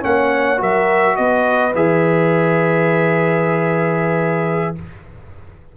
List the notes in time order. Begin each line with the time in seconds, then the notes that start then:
0.00 A#3 C#4 C#5 F#5
0.57 F#3 F#4 A#4 E5
1.16 B3 B4 D#5
1.74 E3 G#4 E5